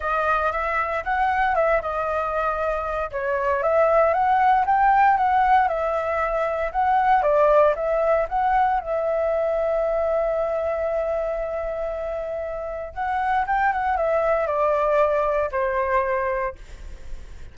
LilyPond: \new Staff \with { instrumentName = "flute" } { \time 4/4 \tempo 4 = 116 dis''4 e''4 fis''4 e''8 dis''8~ | dis''2 cis''4 e''4 | fis''4 g''4 fis''4 e''4~ | e''4 fis''4 d''4 e''4 |
fis''4 e''2.~ | e''1~ | e''4 fis''4 g''8 fis''8 e''4 | d''2 c''2 | }